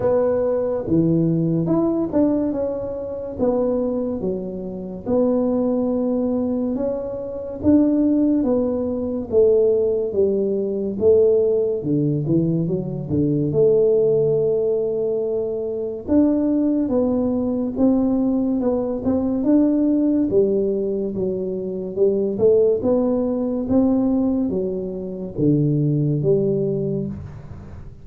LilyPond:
\new Staff \with { instrumentName = "tuba" } { \time 4/4 \tempo 4 = 71 b4 e4 e'8 d'8 cis'4 | b4 fis4 b2 | cis'4 d'4 b4 a4 | g4 a4 d8 e8 fis8 d8 |
a2. d'4 | b4 c'4 b8 c'8 d'4 | g4 fis4 g8 a8 b4 | c'4 fis4 d4 g4 | }